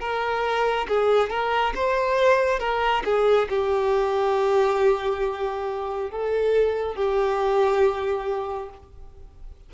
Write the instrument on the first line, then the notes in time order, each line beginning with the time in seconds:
violin
0.00 A#4
0.88 G#4
1.30 A#4
1.75 C5
2.59 A#4
3.05 G#4
3.49 G4
6.10 A4
6.96 G4